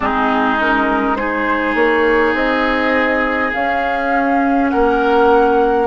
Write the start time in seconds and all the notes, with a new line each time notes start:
0.00 G#3 C4 D#4 G#4
0.59 C#4 A#4
1.15 D#4 G#4 C5
1.74 A#3 C#5
2.33 C4 D#5
3.53 C#4 F5
4.69 A#3 A#4 F#5